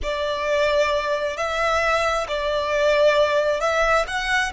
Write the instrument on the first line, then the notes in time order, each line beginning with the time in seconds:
violin
0.02 D5
1.36 E5
2.27 D5
3.60 E5
4.07 F#5